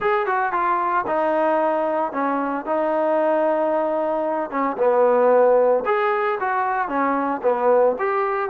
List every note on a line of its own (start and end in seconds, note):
0.00 0.26 G#4
0.26 0.52 F#4
0.52 1.05 F4
1.06 2.12 D#4
2.12 2.65 C#4
2.65 4.50 D#4
4.50 4.76 C#4
4.77 5.83 B3
5.85 6.38 G#4
6.40 6.88 F#4
6.88 7.41 C#4
7.42 7.95 B3
7.99 8.49 G4